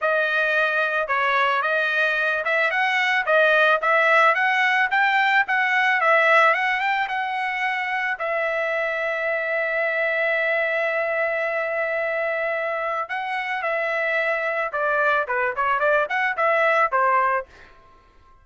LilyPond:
\new Staff \with { instrumentName = "trumpet" } { \time 4/4 \tempo 4 = 110 dis''2 cis''4 dis''4~ | dis''8 e''8 fis''4 dis''4 e''4 | fis''4 g''4 fis''4 e''4 | fis''8 g''8 fis''2 e''4~ |
e''1~ | e''1 | fis''4 e''2 d''4 | b'8 cis''8 d''8 fis''8 e''4 c''4 | }